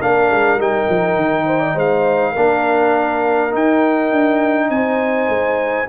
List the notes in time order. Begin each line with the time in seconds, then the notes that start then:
0.00 A#3 D4 A#4 F5
0.31 G#3
0.55 G3 D#4
0.61 G5
0.89 F3
1.16 D#3
1.46 C5
1.59 D5
1.74 G#3 C5 F5
2.31 A#3 D4 A#4
3.50 D#4 G5
4.12 D4
4.69 C4 C5 G#5
5.29 G#3